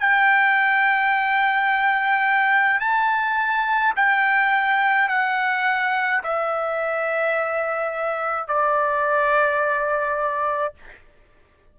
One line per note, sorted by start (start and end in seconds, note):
0.00 2.81 G5
2.81 3.94 A5
3.97 5.09 G5
5.09 6.22 F#5
6.24 8.49 E5
8.49 10.75 D5